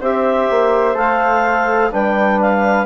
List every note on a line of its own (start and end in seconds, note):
0.00 0.48 C4
0.00 0.94 G4
0.00 1.90 C5
0.00 0.97 E5
0.50 0.95 A#3
0.94 1.90 A3
0.94 1.89 A4
0.94 1.92 F5
1.91 2.86 G3
1.91 2.86 D4
1.91 2.86 B4
1.91 2.40 G5
2.40 2.86 F5